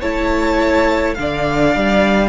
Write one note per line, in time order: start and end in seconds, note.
0.00 1.17 A3
0.00 1.17 E4
0.00 1.15 C#5
0.00 1.14 A5
1.14 1.75 D3
1.14 2.29 D4
1.14 2.29 D5
1.14 2.29 F5
1.75 2.29 G3